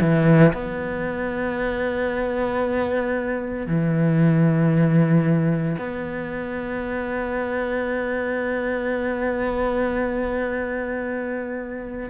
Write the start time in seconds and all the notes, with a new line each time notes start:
0.00 E3
0.53 B3
3.67 E3
5.78 B3